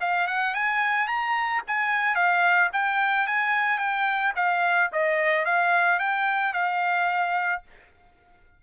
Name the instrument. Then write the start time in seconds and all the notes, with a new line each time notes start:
trumpet
0.00 F5
0.27 F#5
0.54 G#5
1.07 A#5
1.67 G#5
2.15 F5
2.73 G5
3.27 G#5
3.78 G5
4.36 F5
4.92 D#5
5.45 F5
5.99 G5
6.53 F5